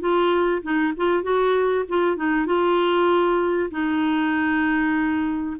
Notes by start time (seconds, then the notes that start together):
0.00 F4
0.62 D#4
0.97 F4
1.23 F#4
1.88 F4
2.16 D#4
2.46 F4
3.71 D#4